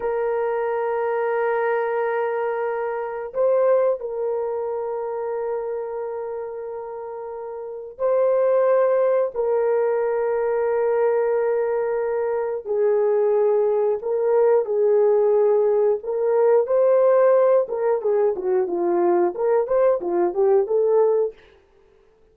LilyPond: \new Staff \with { instrumentName = "horn" } { \time 4/4 \tempo 4 = 90 ais'1~ | ais'4 c''4 ais'2~ | ais'1 | c''2 ais'2~ |
ais'2. gis'4~ | gis'4 ais'4 gis'2 | ais'4 c''4. ais'8 gis'8 fis'8 | f'4 ais'8 c''8 f'8 g'8 a'4 | }